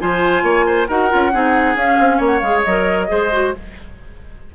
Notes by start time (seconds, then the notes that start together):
0.00 F3 F4 C5 G#5
0.43 A#3 C#5
0.67 C5
0.88 D#4 F#4 A#4 F#5
1.10 C#4 F4
1.33 C4 D#4 G#4
1.76 C#4 F5
2.00 C4
2.17 A#3 C#5
2.26 F#5
2.40 G#3 G#4 F5
2.63 F#3 A#4 D#5
3.08 G#3 G#4 C5
3.32 F#4